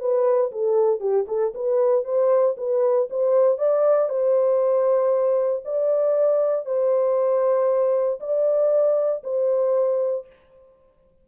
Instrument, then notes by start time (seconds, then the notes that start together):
horn
0.00 B4
0.52 A4
1.00 G4
1.28 A4
1.55 B4
2.04 C5
2.57 B4
3.10 C5
3.58 D5
4.09 C5
5.65 D5
6.65 C5
8.20 D5
9.24 C5